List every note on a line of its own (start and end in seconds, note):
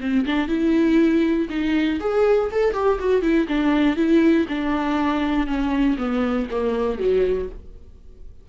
0.00 0.25 C4
0.26 0.48 D4
0.48 1.48 E4
1.49 1.99 D#4
2.00 2.50 G#4
2.51 2.73 A4
2.73 2.98 G4
2.99 3.21 F#4
3.21 3.46 E4
3.48 3.96 D4
3.96 4.46 E4
4.48 5.46 D4
5.46 5.96 C#4
5.97 6.47 B3
6.50 6.98 A#3
6.98 7.48 F#3